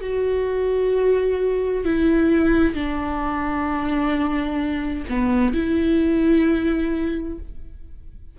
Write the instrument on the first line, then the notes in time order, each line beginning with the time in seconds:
viola
0.00 F#4
1.85 E4
2.74 D4
5.09 B3
5.53 E4